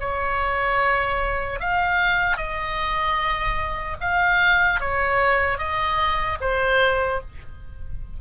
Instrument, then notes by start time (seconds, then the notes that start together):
oboe
0.00 C#5
1.60 F5
2.37 D#5
4.01 F5
4.80 C#5
5.58 D#5
6.40 C5